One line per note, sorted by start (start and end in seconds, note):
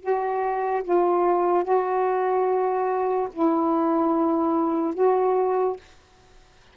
0.00 0.82 F#4
0.83 1.63 F4
1.63 3.28 F#4
3.33 4.94 E4
4.94 5.76 F#4